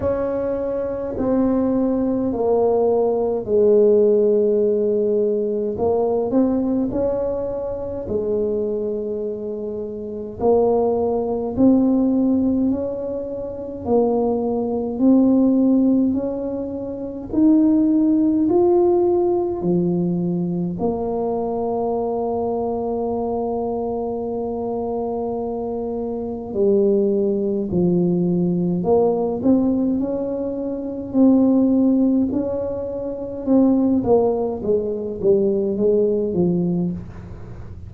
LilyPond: \new Staff \with { instrumentName = "tuba" } { \time 4/4 \tempo 4 = 52 cis'4 c'4 ais4 gis4~ | gis4 ais8 c'8 cis'4 gis4~ | gis4 ais4 c'4 cis'4 | ais4 c'4 cis'4 dis'4 |
f'4 f4 ais2~ | ais2. g4 | f4 ais8 c'8 cis'4 c'4 | cis'4 c'8 ais8 gis8 g8 gis8 f8 | }